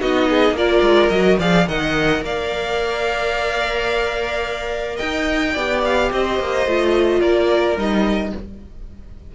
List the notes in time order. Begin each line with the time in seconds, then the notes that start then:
0.00 B3 D#4 F#4 D#5
0.30 G#4
0.51 A#3 A#4
0.57 F4 D5
0.82 G#3
1.09 F#3 F#4 D#5
1.39 F3 G#4 D5 F5
1.68 D#3 A#4 D#5 F#5
2.22 A#3 D5 F5
4.97 D#4 D#5 G5
5.54 B3 G4 D5
5.85 F5
6.12 C4 C5 D#5
6.40 A#3
6.66 A3 F4
7.20 A#3 A#4 D5
7.77 G3 D#4 D#5